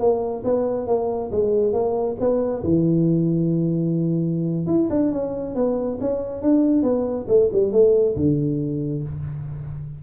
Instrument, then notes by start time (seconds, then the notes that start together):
tuba
0.00 A#3
0.44 B3
0.87 A#3
1.32 G#3
1.73 A#3
2.20 B3
2.64 E3
4.67 E4
4.90 D4
5.12 C#4
5.55 B3
6.01 C#4
6.42 D4
6.83 B3
7.28 A3
7.53 G3
7.73 A3
8.16 D3